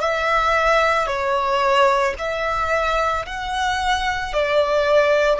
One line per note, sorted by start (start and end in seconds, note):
0.00 1.07 E5
1.07 2.14 C#5
2.18 3.25 E5
3.26 4.33 F#5
4.33 5.39 D5